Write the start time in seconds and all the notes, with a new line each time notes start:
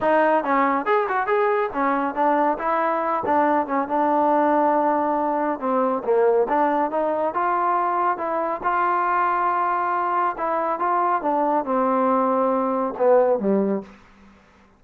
0.00 D#4
0.44 C#4
0.85 G#4
1.08 F#4
1.26 G#4
1.73 C#4
2.14 D4
2.58 E4
3.25 D4
3.66 C#4
3.88 D4
5.59 C4
6.04 A#3
6.49 D4
6.90 D#4
7.33 F4
8.17 E4
8.63 F4
10.37 E4
10.79 F4
11.22 D4
11.64 C4
12.98 B3
13.39 G3